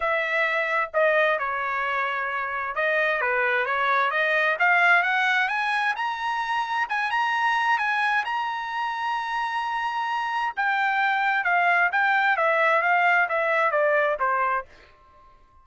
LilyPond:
\new Staff \with { instrumentName = "trumpet" } { \time 4/4 \tempo 4 = 131 e''2 dis''4 cis''4~ | cis''2 dis''4 b'4 | cis''4 dis''4 f''4 fis''4 | gis''4 ais''2 gis''8 ais''8~ |
ais''4 gis''4 ais''2~ | ais''2. g''4~ | g''4 f''4 g''4 e''4 | f''4 e''4 d''4 c''4 | }